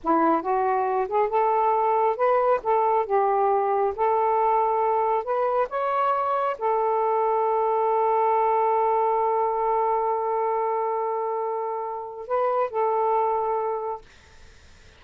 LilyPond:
\new Staff \with { instrumentName = "saxophone" } { \time 4/4 \tempo 4 = 137 e'4 fis'4. gis'8 a'4~ | a'4 b'4 a'4 g'4~ | g'4 a'2. | b'4 cis''2 a'4~ |
a'1~ | a'1~ | a'1 | b'4 a'2. | }